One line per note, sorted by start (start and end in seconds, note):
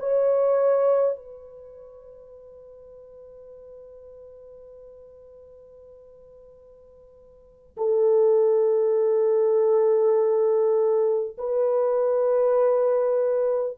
0.00 1.17 C#5
1.17 7.77 B4
7.78 11.38 A4
11.38 13.78 B4